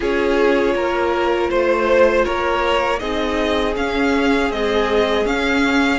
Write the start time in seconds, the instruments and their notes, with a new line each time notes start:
0.00 cello C#4, viola F4, violin G#4 C#5
0.74 cello A#3, violin A#4
1.50 cello A3, violin C5
2.24 cello A#3, violin A#4 C#5
2.99 cello C4, viola D#4, violin G#4 D#5
3.76 cello C#4, viola C#4, violin F5
4.49 viola G#3, cello C4, violin D#5
5.24 cello C#4, viola C#4, violin F5